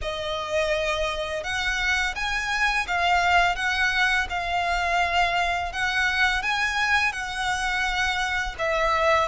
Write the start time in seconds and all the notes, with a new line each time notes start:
0.01 D#5
1.43 F#5
2.15 G#5
2.87 F5
3.55 F#5
4.29 F5
5.72 F#5
6.42 G#5
7.12 F#5
8.58 E5